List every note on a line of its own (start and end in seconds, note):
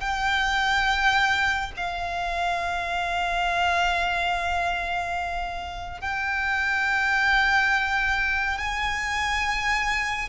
0.00 1.71 G5
1.76 6.01 F5
6.01 8.58 G5
8.58 10.29 G#5